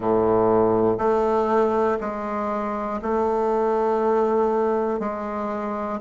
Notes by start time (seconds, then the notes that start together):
0.00 A2
0.98 A3
2.00 G#3
3.02 A3
5.00 G#3